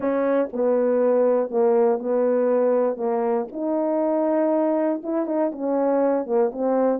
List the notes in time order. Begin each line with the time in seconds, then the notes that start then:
0.00 C#4
0.52 B3
1.50 A#3
1.99 B3
2.97 A#3
3.52 D#4
5.02 E4
5.26 D#4
5.52 C#4
6.26 A#3
6.52 C4